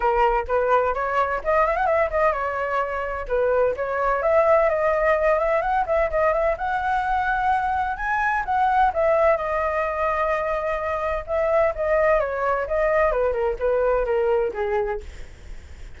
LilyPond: \new Staff \with { instrumentName = "flute" } { \time 4/4 \tempo 4 = 128 ais'4 b'4 cis''4 dis''8 e''16 fis''16 | e''8 dis''8 cis''2 b'4 | cis''4 e''4 dis''4. e''8 | fis''8 e''8 dis''8 e''8 fis''2~ |
fis''4 gis''4 fis''4 e''4 | dis''1 | e''4 dis''4 cis''4 dis''4 | b'8 ais'8 b'4 ais'4 gis'4 | }